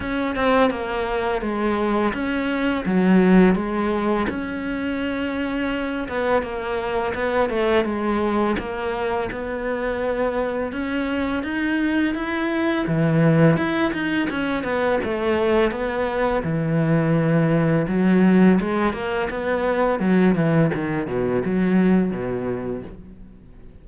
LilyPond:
\new Staff \with { instrumentName = "cello" } { \time 4/4 \tempo 4 = 84 cis'8 c'8 ais4 gis4 cis'4 | fis4 gis4 cis'2~ | cis'8 b8 ais4 b8 a8 gis4 | ais4 b2 cis'4 |
dis'4 e'4 e4 e'8 dis'8 | cis'8 b8 a4 b4 e4~ | e4 fis4 gis8 ais8 b4 | fis8 e8 dis8 b,8 fis4 b,4 | }